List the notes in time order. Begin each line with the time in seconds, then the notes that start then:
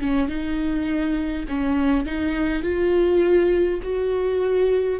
0.00 C#4
0.28 D#4
1.49 C#4
2.06 D#4
2.63 F4
3.83 F#4